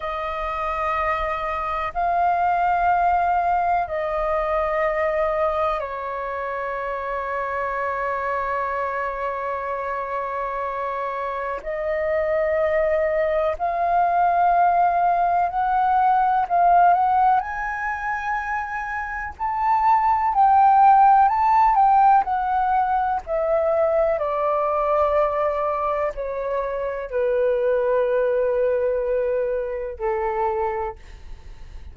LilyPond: \new Staff \with { instrumentName = "flute" } { \time 4/4 \tempo 4 = 62 dis''2 f''2 | dis''2 cis''2~ | cis''1 | dis''2 f''2 |
fis''4 f''8 fis''8 gis''2 | a''4 g''4 a''8 g''8 fis''4 | e''4 d''2 cis''4 | b'2. a'4 | }